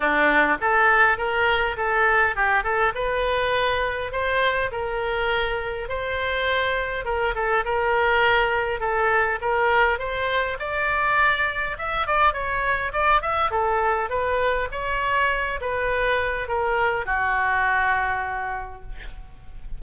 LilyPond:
\new Staff \with { instrumentName = "oboe" } { \time 4/4 \tempo 4 = 102 d'4 a'4 ais'4 a'4 | g'8 a'8 b'2 c''4 | ais'2 c''2 | ais'8 a'8 ais'2 a'4 |
ais'4 c''4 d''2 | e''8 d''8 cis''4 d''8 e''8 a'4 | b'4 cis''4. b'4. | ais'4 fis'2. | }